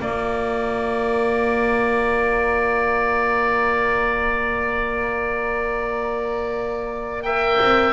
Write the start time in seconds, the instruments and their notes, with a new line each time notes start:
0.00 double bass A#3, horn F4, oboe D5 A#5
7.22 horn A#4, oboe E5 G5
7.61 double bass C4